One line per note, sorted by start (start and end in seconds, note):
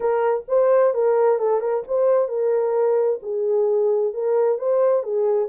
0.00 0.44 A#4
0.48 0.93 C5
0.94 1.38 A#4
1.38 1.60 A4
1.60 1.83 A#4
1.87 2.28 C5
2.28 3.20 A#4
3.22 4.13 G#4
4.13 4.58 A#4
4.58 5.03 C5
5.03 5.48 G#4